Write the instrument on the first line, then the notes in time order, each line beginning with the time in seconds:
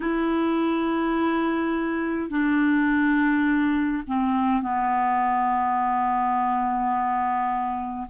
clarinet
0.00 E4
2.30 D4
4.07 C4
4.62 B3